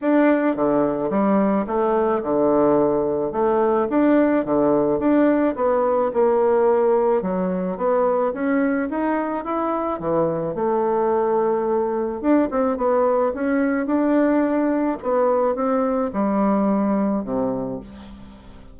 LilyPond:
\new Staff \with { instrumentName = "bassoon" } { \time 4/4 \tempo 4 = 108 d'4 d4 g4 a4 | d2 a4 d'4 | d4 d'4 b4 ais4~ | ais4 fis4 b4 cis'4 |
dis'4 e'4 e4 a4~ | a2 d'8 c'8 b4 | cis'4 d'2 b4 | c'4 g2 c4 | }